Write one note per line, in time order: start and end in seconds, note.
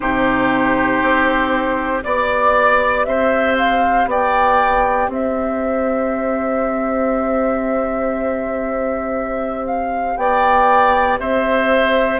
0.00 1.01 C3
0.00 2.00 D#4
0.00 2.04 G4
0.00 2.01 C5
1.01 2.03 C4
2.00 3.06 B3
2.00 12.17 G4
2.00 3.04 D5
2.00 3.06 D5
3.04 4.06 C4
3.04 4.09 C5
3.04 3.55 E5
3.57 4.08 F5
4.06 5.07 B3
4.06 5.10 D5
4.06 5.11 G5
5.07 10.16 C4
5.07 10.19 C5
5.07 9.66 E5
9.66 10.16 F5
10.16 11.18 B3
10.16 11.19 D5
10.16 11.18 G5
11.19 12.19 C4
11.19 12.19 C5
11.19 12.19 E5